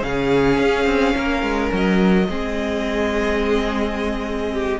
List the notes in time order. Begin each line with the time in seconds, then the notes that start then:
0.00 C#3 C#4 G#4 F5
0.58 C#4
0.86 C4
1.15 A#3 A#4
1.42 G#3
1.72 F#3 D#5
2.28 G#3 C4 G#4
4.52 G4